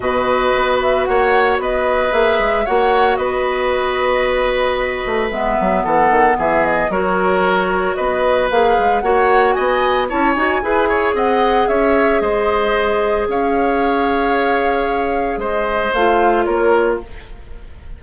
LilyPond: <<
  \new Staff \with { instrumentName = "flute" } { \time 4/4 \tempo 4 = 113 dis''4. e''8 fis''4 dis''4 | e''4 fis''4 dis''2~ | dis''2 e''4 fis''4 | e''8 dis''8 cis''2 dis''4 |
f''4 fis''4 gis''4 a''8 gis''8~ | gis''4 fis''4 e''4 dis''4~ | dis''4 f''2.~ | f''4 dis''4 f''4 cis''4 | }
  \new Staff \with { instrumentName = "oboe" } { \time 4/4 b'2 cis''4 b'4~ | b'4 cis''4 b'2~ | b'2. a'4 | gis'4 ais'2 b'4~ |
b'4 cis''4 dis''4 cis''4 | b'8 cis''8 dis''4 cis''4 c''4~ | c''4 cis''2.~ | cis''4 c''2 ais'4 | }
  \new Staff \with { instrumentName = "clarinet" } { \time 4/4 fis'1 | gis'4 fis'2.~ | fis'2 b2~ | b4 fis'2. |
gis'4 fis'2 e'8 fis'8 | gis'1~ | gis'1~ | gis'2 f'2 | }
  \new Staff \with { instrumentName = "bassoon" } { \time 4/4 b,4 b4 ais4 b4 | ais8 gis8 ais4 b2~ | b4. a8 gis8 fis8 e8 dis8 | e4 fis2 b4 |
ais8 gis8 ais4 b4 cis'8 dis'8 | e'4 c'4 cis'4 gis4~ | gis4 cis'2.~ | cis'4 gis4 a4 ais4 | }
>>